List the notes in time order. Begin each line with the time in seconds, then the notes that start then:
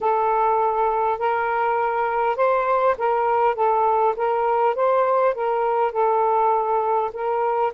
0.00 A4
1.19 A#4
2.36 C5
2.98 A#4
3.55 A4
4.16 A#4
4.75 C5
5.34 A#4
5.91 A4
7.13 A#4